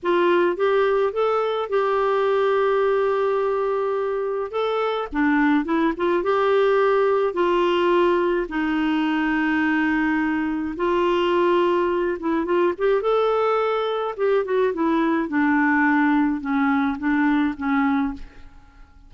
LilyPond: \new Staff \with { instrumentName = "clarinet" } { \time 4/4 \tempo 4 = 106 f'4 g'4 a'4 g'4~ | g'1 | a'4 d'4 e'8 f'8 g'4~ | g'4 f'2 dis'4~ |
dis'2. f'4~ | f'4. e'8 f'8 g'8 a'4~ | a'4 g'8 fis'8 e'4 d'4~ | d'4 cis'4 d'4 cis'4 | }